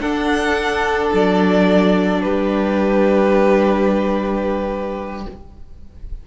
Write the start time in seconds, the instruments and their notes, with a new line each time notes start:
0.00 viola D4, cello D4, violin A4 F#5
1.13 cello F#3, violin D5
2.22 cello G3, violin G4 B4